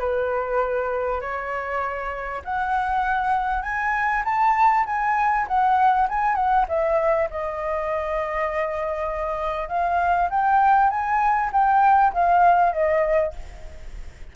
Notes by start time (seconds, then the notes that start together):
0.00 B4
1.21 C#5
2.45 F#5
3.63 G#5
4.25 A5
4.87 G#5
5.48 F#5
6.09 G#5
6.36 F#5
6.69 E5
7.31 D#5
9.69 F5
10.31 G5
10.90 G#5
11.53 G5
12.14 F5
12.73 D#5